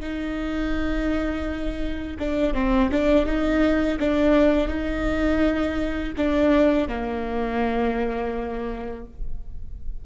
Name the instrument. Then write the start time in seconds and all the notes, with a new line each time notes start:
viola
0.00 D#4
2.19 D4
2.54 C4
2.91 D4
3.26 D#4
3.99 D4
4.68 D#4
6.17 D4
6.88 A#3